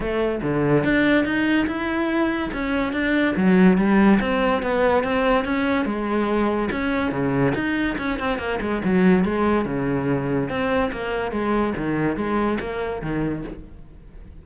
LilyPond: \new Staff \with { instrumentName = "cello" } { \time 4/4 \tempo 4 = 143 a4 d4 d'4 dis'4 | e'2 cis'4 d'4 | fis4 g4 c'4 b4 | c'4 cis'4 gis2 |
cis'4 cis4 dis'4 cis'8 c'8 | ais8 gis8 fis4 gis4 cis4~ | cis4 c'4 ais4 gis4 | dis4 gis4 ais4 dis4 | }